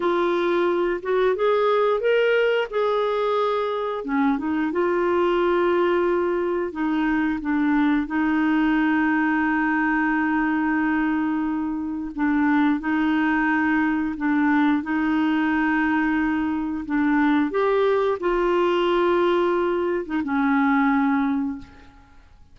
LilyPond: \new Staff \with { instrumentName = "clarinet" } { \time 4/4 \tempo 4 = 89 f'4. fis'8 gis'4 ais'4 | gis'2 cis'8 dis'8 f'4~ | f'2 dis'4 d'4 | dis'1~ |
dis'2 d'4 dis'4~ | dis'4 d'4 dis'2~ | dis'4 d'4 g'4 f'4~ | f'4.~ f'16 dis'16 cis'2 | }